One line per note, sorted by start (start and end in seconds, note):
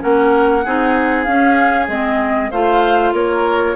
0.00 0.66 A#3
0.00 0.62 C#4
0.00 0.65 A#4
0.00 1.24 F#5
0.65 1.27 C4
0.65 1.27 D#4
0.65 2.51 G#4
1.24 1.89 C#4
1.24 1.88 C#4
1.24 1.86 F5
1.88 2.51 G#3
1.88 2.52 C4
1.88 2.51 D#5
2.51 3.13 A3
2.51 3.76 F4
2.51 3.14 C5
2.51 3.14 F5
3.13 3.76 A#3
3.13 3.76 A#4
3.13 3.76 C#5